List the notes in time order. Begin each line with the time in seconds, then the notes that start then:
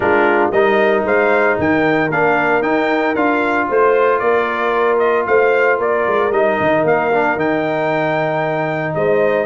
0.00 G#3 D4 F4 A#4
0.51 G3 D#4 A#4 D#5
1.04 G#3 C5 F5
1.58 D#3 A#4 G5
2.09 A#3 D4 F5
2.62 D#4 G5
3.15 D4 F4 F5
3.68 A3 C5
4.19 A#3 A#4 D5
4.98 D#5
5.26 A3 C5 F5
5.78 A#3 A#4 D5
6.07 G#3
6.30 G3 D#4 D#5
6.60 D#3
6.84 A#3 F5
7.12 D4
7.36 D#3 D#4 G5
8.94 G#3 C5 D#5